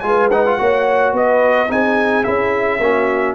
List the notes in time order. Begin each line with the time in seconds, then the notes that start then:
0.00 G#3 F4 G#5
0.06 B4
0.31 D#4 F#5
0.46 F4
0.58 A#3 F#4 C#5
1.13 B3 B4 D#5
1.68 C4 D#4 G#4 G#5
2.24 C#4 E4 E5
2.80 A#3 C#4 F#4